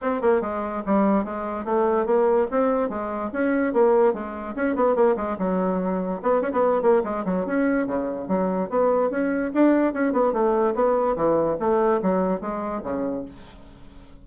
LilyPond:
\new Staff \with { instrumentName = "bassoon" } { \time 4/4 \tempo 4 = 145 c'8 ais8 gis4 g4 gis4 | a4 ais4 c'4 gis4 | cis'4 ais4 gis4 cis'8 b8 | ais8 gis8 fis2 b8 cis'16 b16~ |
b8 ais8 gis8 fis8 cis'4 cis4 | fis4 b4 cis'4 d'4 | cis'8 b8 a4 b4 e4 | a4 fis4 gis4 cis4 | }